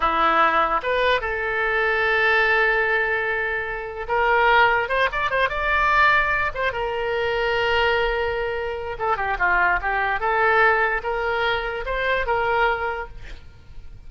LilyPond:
\new Staff \with { instrumentName = "oboe" } { \time 4/4 \tempo 4 = 147 e'2 b'4 a'4~ | a'1~ | a'2 ais'2 | c''8 d''8 c''8 d''2~ d''8 |
c''8 ais'2.~ ais'8~ | ais'2 a'8 g'8 f'4 | g'4 a'2 ais'4~ | ais'4 c''4 ais'2 | }